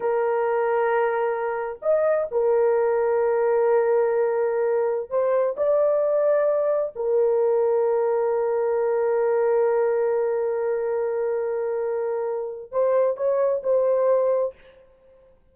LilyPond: \new Staff \with { instrumentName = "horn" } { \time 4/4 \tempo 4 = 132 ais'1 | dis''4 ais'2.~ | ais'2.~ ais'16 c''8.~ | c''16 d''2. ais'8.~ |
ais'1~ | ais'1~ | ais'1 | c''4 cis''4 c''2 | }